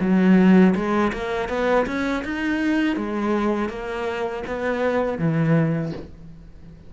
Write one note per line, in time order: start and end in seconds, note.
0.00 0.74 F#3
0.75 1.12 G#3
1.13 1.49 A#3
1.49 1.86 B3
1.86 2.23 C#4
2.24 2.96 D#4
2.96 3.69 G#3
3.69 4.43 A#3
4.47 5.18 B3
5.18 5.92 E3